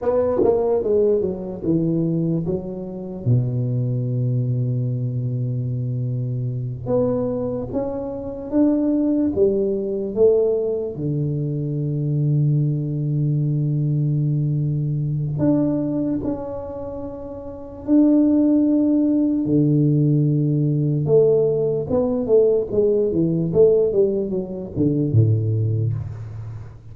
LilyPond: \new Staff \with { instrumentName = "tuba" } { \time 4/4 \tempo 4 = 74 b8 ais8 gis8 fis8 e4 fis4 | b,1~ | b,8 b4 cis'4 d'4 g8~ | g8 a4 d2~ d8~ |
d2. d'4 | cis'2 d'2 | d2 a4 b8 a8 | gis8 e8 a8 g8 fis8 d8 a,4 | }